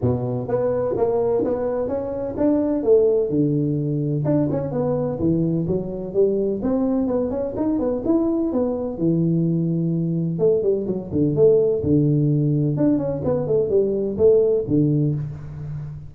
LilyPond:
\new Staff \with { instrumentName = "tuba" } { \time 4/4 \tempo 4 = 127 b,4 b4 ais4 b4 | cis'4 d'4 a4 d4~ | d4 d'8 cis'8 b4 e4 | fis4 g4 c'4 b8 cis'8 |
dis'8 b8 e'4 b4 e4~ | e2 a8 g8 fis8 d8 | a4 d2 d'8 cis'8 | b8 a8 g4 a4 d4 | }